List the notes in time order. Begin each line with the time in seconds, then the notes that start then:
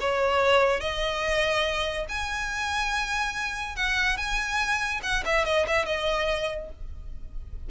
0.00 C#5
0.80 D#5
2.09 G#5
3.76 F#5
4.17 G#5
5.02 F#5
5.25 E5
5.45 D#5
5.67 E5
5.85 D#5